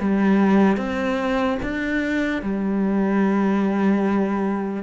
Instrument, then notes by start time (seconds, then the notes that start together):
cello
0.00 G3
0.77 C4
1.63 D4
2.42 G3